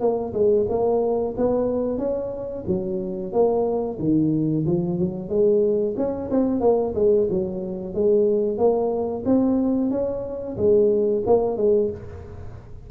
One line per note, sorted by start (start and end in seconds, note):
0.00 0.33 A#3
0.33 0.66 G#3
0.69 1.35 A#3
1.37 1.98 B3
1.98 2.64 C#4
2.67 3.32 F#3
3.32 3.98 A#3
3.99 4.65 D#3
4.66 4.99 F3
4.99 5.29 F#3
5.29 5.95 G#3
5.97 6.30 C#4
6.31 6.61 C4
6.61 6.94 A#3
6.95 7.28 G#3
7.29 7.94 F#3
7.94 8.58 G#3
8.58 9.24 A#3
9.25 9.91 C4
9.91 10.56 C#4
10.57 11.23 G#3
11.26 11.57 A#3
11.57 11.90 G#3